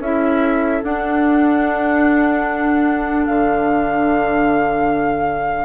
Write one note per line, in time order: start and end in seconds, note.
0.00 0.81 C#4
0.00 0.84 E4
0.00 5.66 A4
0.00 0.83 E5
0.84 5.66 D4
0.84 3.27 D4
0.84 3.26 F#5
3.26 5.66 D3
3.26 5.66 F5